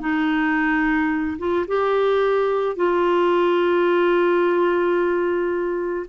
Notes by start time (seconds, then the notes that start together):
0.00 D#4
1.38 F4
1.68 G4
2.76 F4